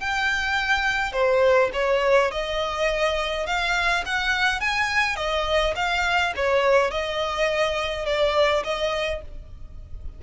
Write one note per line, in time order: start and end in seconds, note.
0.00 1.13 G5
1.13 1.70 C5
1.74 2.31 C#5
2.32 3.47 D#5
3.47 4.04 F5
4.06 4.60 F#5
4.60 5.16 G#5
5.16 5.74 D#5
5.76 6.33 F5
6.36 6.91 C#5
6.91 8.06 D#5
8.06 8.64 D5
8.64 9.22 D#5